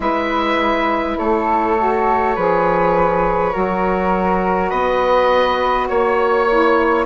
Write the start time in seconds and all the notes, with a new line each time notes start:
0.00 G#3 E4 B4 E5
1.17 A3 A4 C#5
1.77 F#4
2.36 F3 G#4 B4
3.52 F#3 F#4 A#4
4.69 B3 B4 D#5
5.88 A#3 C#5
6.49 E4